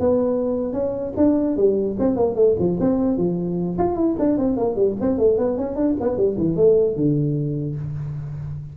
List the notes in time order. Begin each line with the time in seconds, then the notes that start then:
0.00 B3
0.73 C#4
1.17 D4
1.57 G3
1.99 C4
2.16 A#3
2.35 A3
2.59 F3
2.80 C4
3.17 F3
3.78 F4
3.96 E4
4.19 D4
4.38 C4
4.57 A#3
4.76 G3
5.01 C4
5.19 A3
5.38 B3
5.57 C#4
5.76 D4
6.00 B3
6.17 G3
6.37 E3
6.56 A3
6.96 D3